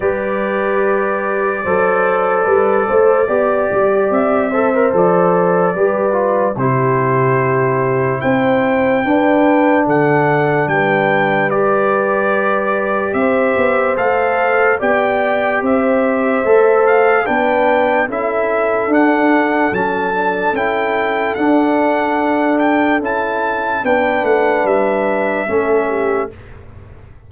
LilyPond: <<
  \new Staff \with { instrumentName = "trumpet" } { \time 4/4 \tempo 4 = 73 d''1~ | d''4 e''4 d''2 | c''2 g''2 | fis''4 g''4 d''2 |
e''4 f''4 g''4 e''4~ | e''8 f''8 g''4 e''4 fis''4 | a''4 g''4 fis''4. g''8 | a''4 g''8 fis''8 e''2 | }
  \new Staff \with { instrumentName = "horn" } { \time 4/4 b'2 c''4 b'8 c''8 | d''4. c''4. b'4 | g'2 c''4 b'4 | a'4 b'2. |
c''2 d''4 c''4~ | c''4 b'4 a'2~ | a'1~ | a'4 b'2 a'8 g'8 | }
  \new Staff \with { instrumentName = "trombone" } { \time 4/4 g'2 a'2 | g'4. a'16 ais'16 a'4 g'8 f'8 | e'2. d'4~ | d'2 g'2~ |
g'4 a'4 g'2 | a'4 d'4 e'4 d'4 | cis'8 d'8 e'4 d'2 | e'4 d'2 cis'4 | }
  \new Staff \with { instrumentName = "tuba" } { \time 4/4 g2 fis4 g8 a8 | b8 g8 c'4 f4 g4 | c2 c'4 d'4 | d4 g2. |
c'8 b8 a4 b4 c'4 | a4 b4 cis'4 d'4 | fis4 cis'4 d'2 | cis'4 b8 a8 g4 a4 | }
>>